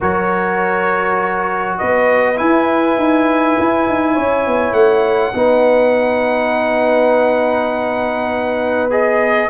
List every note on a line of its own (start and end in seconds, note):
0.00 1.79 F#3
0.00 2.36 F#4
0.00 1.79 A#4
0.00 1.78 C#5
1.78 2.40 B3
1.78 4.13 B4
1.78 2.37 D#5
2.36 5.33 E4
2.36 2.97 E4
2.36 4.73 G#5
2.97 3.56 D#4
3.58 3.88 E4
3.88 4.17 D#4
4.13 4.46 C#4
4.13 5.32 C#5
4.46 4.72 B3
4.72 5.32 A3
4.72 8.89 F#5
5.34 9.49 B3
5.34 8.90 D#4
5.34 9.49 B4
8.90 9.49 G#4
8.90 9.49 D#5